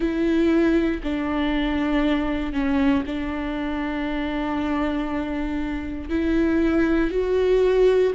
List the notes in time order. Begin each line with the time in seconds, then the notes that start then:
0.00 E4
1.03 D4
2.52 C#4
3.06 D4
6.09 E4
7.10 F#4